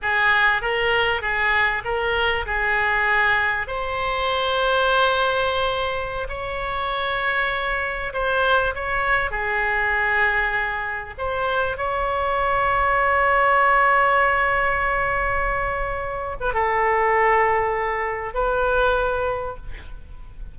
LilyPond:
\new Staff \with { instrumentName = "oboe" } { \time 4/4 \tempo 4 = 98 gis'4 ais'4 gis'4 ais'4 | gis'2 c''2~ | c''2~ c''16 cis''4.~ cis''16~ | cis''4~ cis''16 c''4 cis''4 gis'8.~ |
gis'2~ gis'16 c''4 cis''8.~ | cis''1~ | cis''2~ cis''8. b'16 a'4~ | a'2 b'2 | }